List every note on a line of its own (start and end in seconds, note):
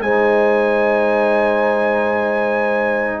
0.00 3.20 G#3
0.00 3.20 D#4
0.00 3.20 C5
0.00 3.20 G#5